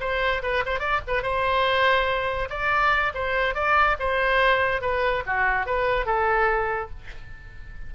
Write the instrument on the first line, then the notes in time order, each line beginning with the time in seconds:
oboe
0.00 C5
0.42 B4
0.65 C5
0.79 D5
1.07 B4
1.22 C5
2.49 D5
3.14 C5
3.54 D5
3.99 C5
4.81 B4
5.26 F#4
5.66 B4
6.06 A4